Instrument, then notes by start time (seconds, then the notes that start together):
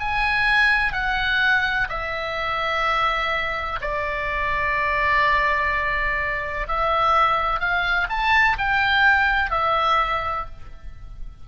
oboe
0.00 G#5
0.93 F#5
1.89 E5
3.81 D5
6.68 E5
7.60 F5
8.10 A5
8.58 G5
9.51 E5